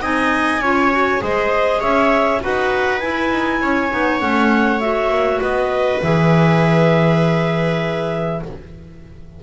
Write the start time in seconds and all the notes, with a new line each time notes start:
0.00 C4 D#4 D#5 G#5
0.60 C#4 F4 C#5
0.91 F#4
1.19 G#3 G#4 C5 D#5
1.79 C#4 C#5 E5
2.40 D#4 F#4 B4 F#5
3.00 E4 G#5
3.31 D#4
3.61 C#4 C#5
3.90 B3 D#4
4.19 A3 C#4 F#5
4.80 F#4 E5
5.09 A#3
5.41 B3 B4 D#5
6.02 E3 G#4 E5